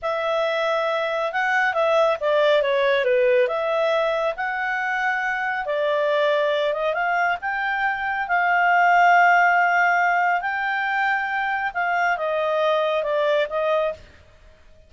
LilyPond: \new Staff \with { instrumentName = "clarinet" } { \time 4/4 \tempo 4 = 138 e''2. fis''4 | e''4 d''4 cis''4 b'4 | e''2 fis''2~ | fis''4 d''2~ d''8 dis''8 |
f''4 g''2 f''4~ | f''1 | g''2. f''4 | dis''2 d''4 dis''4 | }